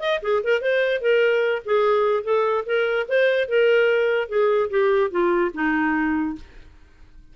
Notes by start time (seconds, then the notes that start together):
0.00 D#5
0.22 G#4
0.44 A#4
0.61 C5
1.01 A#4
1.65 G#4
2.23 A4
2.66 A#4
3.08 C5
3.48 A#4
4.29 G#4
4.70 G4
5.11 F4
5.54 D#4